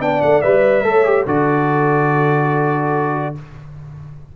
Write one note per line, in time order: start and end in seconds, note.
0.00 0.21 B3
0.00 0.43 D4
0.00 0.88 D5
0.00 0.22 G5
0.22 0.44 A3
0.22 0.42 F#5
0.42 0.84 G3
0.42 0.84 B4
0.42 1.25 E5
0.84 1.26 A3
0.84 1.05 A4
0.84 1.26 C#5
1.05 1.26 G4
1.26 3.35 D3
1.26 3.35 F#4
1.26 3.34 A4
1.26 3.36 D5